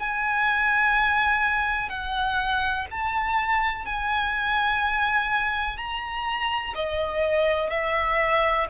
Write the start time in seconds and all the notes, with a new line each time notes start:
0.00 G#5
1.90 F#5
2.91 A5
3.86 G#5
5.78 A#5
6.75 D#5
7.70 E5